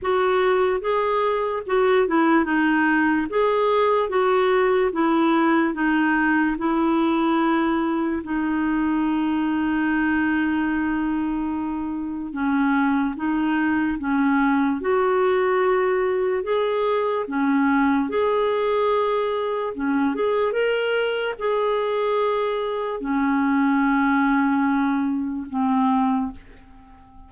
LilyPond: \new Staff \with { instrumentName = "clarinet" } { \time 4/4 \tempo 4 = 73 fis'4 gis'4 fis'8 e'8 dis'4 | gis'4 fis'4 e'4 dis'4 | e'2 dis'2~ | dis'2. cis'4 |
dis'4 cis'4 fis'2 | gis'4 cis'4 gis'2 | cis'8 gis'8 ais'4 gis'2 | cis'2. c'4 | }